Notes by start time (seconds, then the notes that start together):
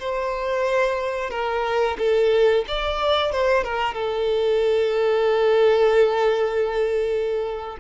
0.00 C5
1.31 A#4
1.99 A4
2.68 D5
3.32 C5
3.64 A#4
3.95 A4